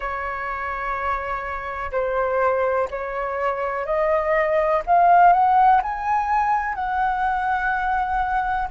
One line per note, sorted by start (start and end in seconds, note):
0.00 1.91 C#5
1.91 2.88 C5
2.90 3.85 C#5
3.85 4.82 D#5
4.86 5.32 F5
5.32 5.81 F#5
5.82 6.75 G#5
6.75 8.68 F#5